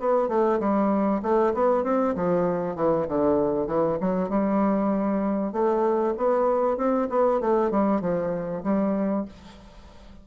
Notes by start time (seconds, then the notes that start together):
0.00 B3
0.29 A3
0.60 G3
1.23 A3
1.54 B3
1.84 C4
2.16 F3
2.76 E3
3.08 D3
3.67 E3
4.01 F#3
4.30 G3
5.53 A3
6.18 B3
6.77 C4
7.10 B3
7.41 A3
7.71 G3
8.01 F3
8.64 G3